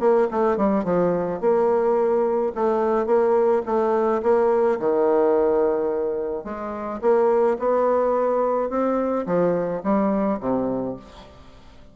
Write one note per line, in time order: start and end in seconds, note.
0.00 0.28 A#3
0.31 0.57 A3
0.57 0.85 G3
0.85 1.41 F3
1.41 2.53 A#3
2.55 3.06 A3
3.06 3.62 A#3
3.66 4.22 A3
4.23 4.79 A#3
4.79 6.44 D#3
6.44 7.00 G#3
7.01 7.58 A#3
7.59 8.70 B3
8.70 9.26 C4
9.26 9.82 F3
9.84 10.40 G3
10.40 10.97 C3